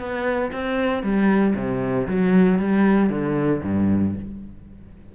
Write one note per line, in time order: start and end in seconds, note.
0.00 0.52 B3
0.52 1.03 C4
1.03 1.55 G3
1.56 2.07 C3
2.08 2.59 F#3
2.59 3.10 G3
3.10 3.62 D3
3.63 4.15 G2